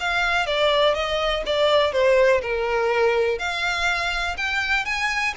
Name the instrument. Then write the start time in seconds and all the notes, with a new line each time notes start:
violin
0.00 F5
0.46 D5
0.94 D#5
1.46 D5
1.92 C5
2.41 A#4
3.39 F5
4.37 G5
4.85 G#5